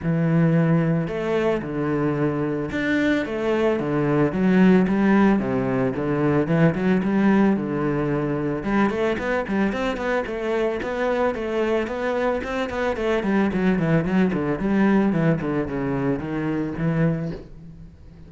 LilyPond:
\new Staff \with { instrumentName = "cello" } { \time 4/4 \tempo 4 = 111 e2 a4 d4~ | d4 d'4 a4 d4 | fis4 g4 c4 d4 | e8 fis8 g4 d2 |
g8 a8 b8 g8 c'8 b8 a4 | b4 a4 b4 c'8 b8 | a8 g8 fis8 e8 fis8 d8 g4 | e8 d8 cis4 dis4 e4 | }